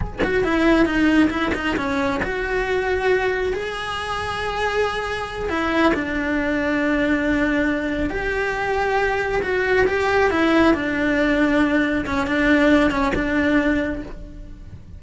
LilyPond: \new Staff \with { instrumentName = "cello" } { \time 4/4 \tempo 4 = 137 gis'8 fis'8 e'4 dis'4 e'8 dis'8 | cis'4 fis'2. | gis'1~ | gis'8 e'4 d'2~ d'8~ |
d'2~ d'8 g'4.~ | g'4. fis'4 g'4 e'8~ | e'8 d'2. cis'8 | d'4. cis'8 d'2 | }